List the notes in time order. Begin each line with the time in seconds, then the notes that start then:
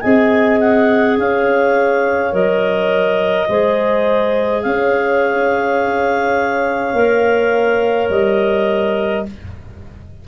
0.00 C4 G#4 D#5 G#5
0.59 F#5
1.18 C#4 C#5 F5
2.31 F#3 A#4 D#5
3.48 G#3 G#4 C5
4.62 C#4 C#5 F5
6.93 A#3 A#4
8.09 G3 D#5